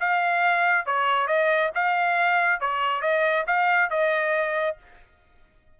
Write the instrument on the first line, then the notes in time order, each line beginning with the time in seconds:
trumpet
0.00 F5
0.86 C#5
1.27 D#5
1.75 F5
2.60 C#5
3.01 D#5
3.46 F5
3.90 D#5